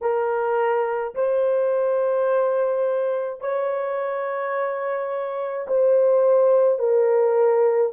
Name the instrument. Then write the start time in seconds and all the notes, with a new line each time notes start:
horn
0.01 A#4
1.14 C5
3.40 C#5
5.67 C5
6.78 A#4